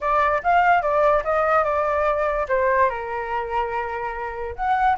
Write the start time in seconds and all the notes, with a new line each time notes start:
0.00 D5
0.43 F5
0.82 D5
1.24 D#5
1.64 D5
2.48 C5
2.89 A#4
4.55 F#5